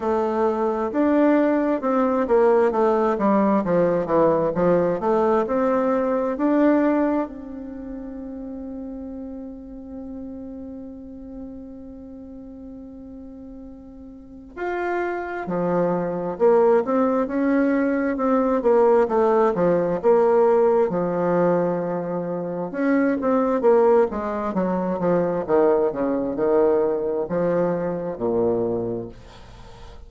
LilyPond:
\new Staff \with { instrumentName = "bassoon" } { \time 4/4 \tempo 4 = 66 a4 d'4 c'8 ais8 a8 g8 | f8 e8 f8 a8 c'4 d'4 | c'1~ | c'1 |
f'4 f4 ais8 c'8 cis'4 | c'8 ais8 a8 f8 ais4 f4~ | f4 cis'8 c'8 ais8 gis8 fis8 f8 | dis8 cis8 dis4 f4 ais,4 | }